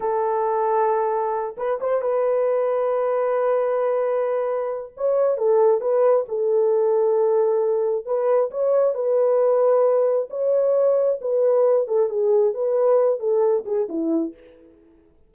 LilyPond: \new Staff \with { instrumentName = "horn" } { \time 4/4 \tempo 4 = 134 a'2.~ a'8 b'8 | c''8 b'2.~ b'8~ | b'2. cis''4 | a'4 b'4 a'2~ |
a'2 b'4 cis''4 | b'2. cis''4~ | cis''4 b'4. a'8 gis'4 | b'4. a'4 gis'8 e'4 | }